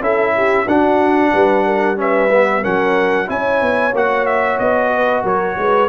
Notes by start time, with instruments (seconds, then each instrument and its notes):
0.00 tuba C#4, trombone E4, horn A4, trumpet E5
0.36 horn G4
0.65 tuba D4, trombone D4, horn F#4, trumpet F#5
1.34 tuba G3, horn B4
1.65 horn A#4
1.96 trombone C#4, horn B4, trumpet E5
2.31 trombone B3
2.61 tuba F#3, trombone C#4, horn A#4, trumpet F#5
3.26 tuba C#4, trombone E4, horn C#5, trumpet G#5
3.61 tuba B3
3.93 tuba A#3, trombone F#4, trumpet F#5
4.26 trumpet E5
4.59 tuba B3, trumpet D#5
4.93 horn B4
5.22 tuba F#3, horn A#4, trumpet C#5
5.57 tuba G#3, horn B4